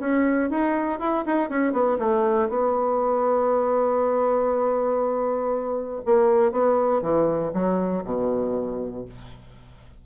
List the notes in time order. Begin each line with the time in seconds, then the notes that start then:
0.00 C#4
0.50 D#4
0.99 E4
1.26 D#4
1.50 C#4
1.73 B3
1.99 A3
2.49 B3
6.05 A#3
6.52 B3
7.02 E3
7.54 F#3
8.04 B2